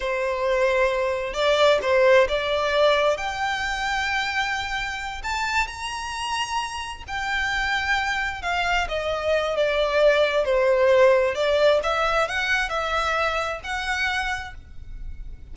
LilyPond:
\new Staff \with { instrumentName = "violin" } { \time 4/4 \tempo 4 = 132 c''2. d''4 | c''4 d''2 g''4~ | g''2.~ g''8 a''8~ | a''8 ais''2. g''8~ |
g''2~ g''8 f''4 dis''8~ | dis''4 d''2 c''4~ | c''4 d''4 e''4 fis''4 | e''2 fis''2 | }